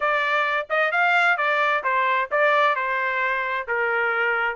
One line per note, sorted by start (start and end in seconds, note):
0.00 0.67 D5
0.69 0.91 D#5
0.91 1.37 F5
1.37 1.83 D5
1.83 2.29 C5
2.31 2.75 D5
2.75 3.67 C5
3.67 4.55 A#4